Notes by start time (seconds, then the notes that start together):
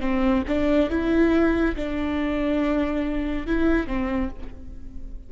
0.00 C4
0.48 D4
0.90 E4
1.76 D4
3.46 E4
3.87 C4